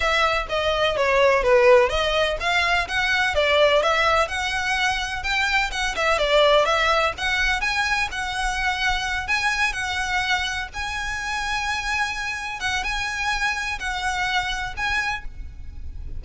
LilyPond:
\new Staff \with { instrumentName = "violin" } { \time 4/4 \tempo 4 = 126 e''4 dis''4 cis''4 b'4 | dis''4 f''4 fis''4 d''4 | e''4 fis''2 g''4 | fis''8 e''8 d''4 e''4 fis''4 |
gis''4 fis''2~ fis''8 gis''8~ | gis''8 fis''2 gis''4.~ | gis''2~ gis''8 fis''8 gis''4~ | gis''4 fis''2 gis''4 | }